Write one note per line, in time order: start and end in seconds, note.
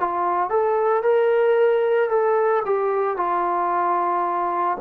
0.00 0.50 F4
0.50 1.03 A4
1.03 2.09 A#4
2.09 2.63 A4
2.66 3.17 G4
3.17 4.78 F4